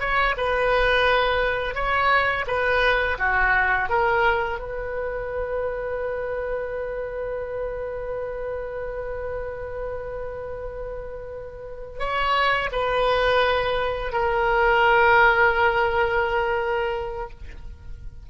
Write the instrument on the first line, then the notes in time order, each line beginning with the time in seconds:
oboe
0.00 C#5
0.37 B4
1.75 C#5
2.47 B4
3.19 F#4
3.89 A#4
4.59 B4
12.00 C#5
12.72 B4
14.12 A#4